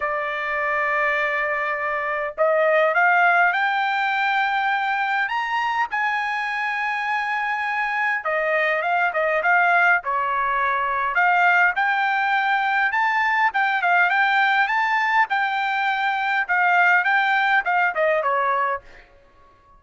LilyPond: \new Staff \with { instrumentName = "trumpet" } { \time 4/4 \tempo 4 = 102 d''1 | dis''4 f''4 g''2~ | g''4 ais''4 gis''2~ | gis''2 dis''4 f''8 dis''8 |
f''4 cis''2 f''4 | g''2 a''4 g''8 f''8 | g''4 a''4 g''2 | f''4 g''4 f''8 dis''8 cis''4 | }